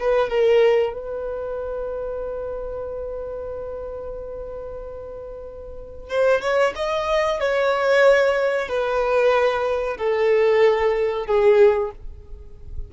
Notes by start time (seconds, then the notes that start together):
0.00 B4
0.30 A#4
0.93 B4
6.10 C5
6.42 C#5
6.76 D#5
7.40 C#5
8.69 B4
9.98 A4
11.27 G#4